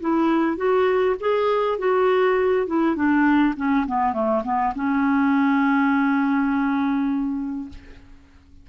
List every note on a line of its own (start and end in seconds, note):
0.00 0.56 E4
0.56 1.15 F#4
1.20 1.78 G#4
1.78 2.66 F#4
2.67 2.95 E4
2.95 3.54 D4
3.56 3.86 C#4
3.87 4.13 B3
4.13 4.42 A3
4.43 4.73 B3
4.75 7.69 C#4